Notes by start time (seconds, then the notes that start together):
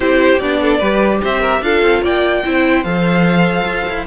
0.00 C4 E4 G4 C5
0.39 B3 D4 D5
0.61 A4
0.78 G3 G4 B4
1.23 C4 C5 E5
1.40 A#4
1.61 D4 F4 A4 F5
1.81 C4
2.02 A#3 D5 G5
2.44 C4 E4 C5
2.83 F3 A4 F5
3.64 F4
3.89 E4